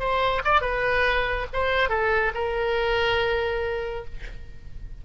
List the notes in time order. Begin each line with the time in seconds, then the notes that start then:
0.00 C5
0.45 D5
0.62 B4
1.54 C5
1.90 A4
2.35 A#4